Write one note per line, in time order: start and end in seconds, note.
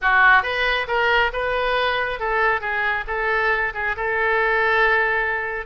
0.01 0.43 F#4
0.43 0.86 B4
0.87 1.31 A#4
1.32 2.19 B4
2.19 2.60 A4
2.60 3.04 G#4
3.07 3.73 A4
3.73 3.95 G#4
3.96 5.66 A4